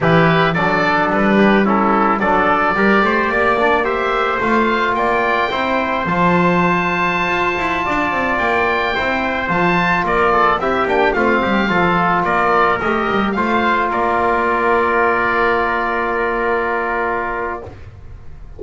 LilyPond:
<<
  \new Staff \with { instrumentName = "oboe" } { \time 4/4 \tempo 4 = 109 b'4 d''4 b'4 a'4 | d''2. e''4 | f''4 g''2 a''4~ | a''2.~ a''16 g''8.~ |
g''4~ g''16 a''4 d''4 e''8 g''16~ | g''16 f''2 d''4 dis''8.~ | dis''16 f''4 d''2~ d''8.~ | d''1 | }
  \new Staff \with { instrumentName = "trumpet" } { \time 4/4 g'4 a'4. g'8 e'4 | a'4 ais'8 c''8 d''4 c''4~ | c''4 d''4 c''2~ | c''2~ c''16 d''4.~ d''16~ |
d''16 c''2 ais'8 a'8 g'8.~ | g'16 f'8 g'8 a'4 ais'4.~ ais'16~ | ais'16 c''4 ais'2~ ais'8.~ | ais'1 | }
  \new Staff \with { instrumentName = "trombone" } { \time 4/4 e'4 d'2 cis'4 | d'4 g'4. d'8 g'4 | f'2 e'4 f'4~ | f'1~ |
f'16 e'4 f'2 e'8 d'16~ | d'16 c'4 f'2 g'8.~ | g'16 f'2.~ f'8.~ | f'1 | }
  \new Staff \with { instrumentName = "double bass" } { \time 4/4 e4 fis4 g2 | fis4 g8 a8 ais2 | a4 ais4 c'4 f4~ | f4~ f16 f'8 e'8 d'8 c'8 ais8.~ |
ais16 c'4 f4 ais4 c'8 ais16~ | ais16 a8 g8 f4 ais4 a8 g16~ | g16 a4 ais2~ ais8.~ | ais1 | }
>>